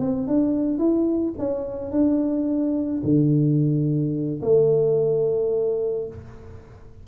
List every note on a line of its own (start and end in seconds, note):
0.00 0.28 C4
0.28 0.79 D4
0.79 1.34 E4
1.39 1.91 C#4
1.91 3.02 D4
3.04 4.41 D3
4.42 6.08 A3